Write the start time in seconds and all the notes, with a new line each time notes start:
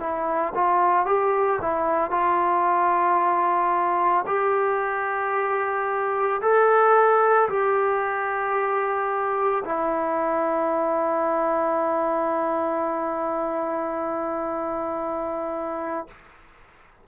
0.00 E4
0.55 F4
1.06 G4
1.62 E4
2.11 F4
4.27 G4
6.42 A4
7.49 G4
9.65 E4